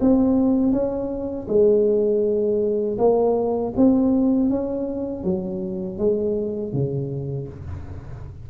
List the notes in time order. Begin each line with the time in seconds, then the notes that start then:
0.00 C4
0.72 C#4
1.47 G#3
2.98 A#3
3.76 C4
4.49 C#4
5.23 F#3
5.98 G#3
6.73 C#3